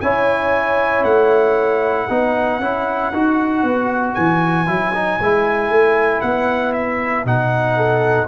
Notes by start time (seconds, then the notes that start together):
0.00 C#4 E4 C#5 G#5
1.03 A3 F#5
2.08 B3 D#4 B4
2.59 C#4 E4
3.12 D#4 F#4
3.63 B3
4.14 E3 G#5
4.66 F#3 E4
4.93 D#4
5.19 G#3 E4
5.69 A3
6.20 B3 F#5
6.73 E5
7.25 B2 D#4 F#5
7.76 A4